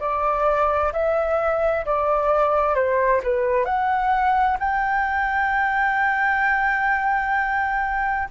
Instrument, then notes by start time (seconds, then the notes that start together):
flute
0.00 D5
0.93 E5
1.85 D5
2.75 C5
3.23 B4
3.65 F#5
4.59 G5